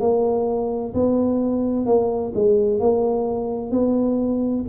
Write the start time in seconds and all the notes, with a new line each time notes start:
0.00 A#3
0.94 B3
1.86 A#3
2.35 G#3
2.80 A#3
3.71 B3